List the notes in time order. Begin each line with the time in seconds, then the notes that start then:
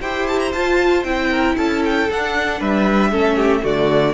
0.00 E4 G4 C5 G5
0.27 A5
0.39 A#5
0.52 F4 A5
1.03 C4 E4 G5
1.30 A#4
1.57 C#4 A4 A5
1.85 G5
2.09 D4 F#5
2.59 G3 B4 E5
3.11 A3 C#4 A4
3.36 G4
3.62 D3 A3 F#4 D5